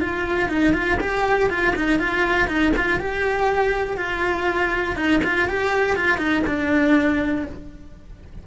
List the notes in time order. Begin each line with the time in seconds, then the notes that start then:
0.00 F4
0.48 D#4
0.73 F4
1.00 G4
1.49 F4
1.76 D#4
1.99 F4
2.47 D#4
2.76 F4
2.99 G4
3.97 F4
4.96 D#4
5.23 F4
5.48 G4
5.96 F4
6.17 D#4
6.46 D4